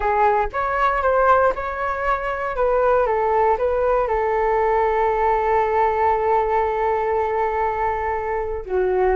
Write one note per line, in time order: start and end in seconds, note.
0.00 0.47 G#4
0.52 1.02 C#5
1.02 1.53 C5
1.55 2.56 C#5
2.56 3.06 B4
3.06 3.57 A4
3.58 4.07 B4
4.07 8.65 A4
8.65 9.15 F#4